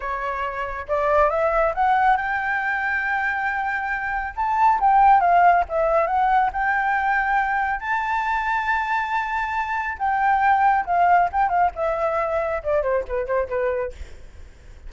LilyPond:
\new Staff \with { instrumentName = "flute" } { \time 4/4 \tempo 4 = 138 cis''2 d''4 e''4 | fis''4 g''2.~ | g''2 a''4 g''4 | f''4 e''4 fis''4 g''4~ |
g''2 a''2~ | a''2. g''4~ | g''4 f''4 g''8 f''8 e''4~ | e''4 d''8 c''8 b'8 c''8 b'4 | }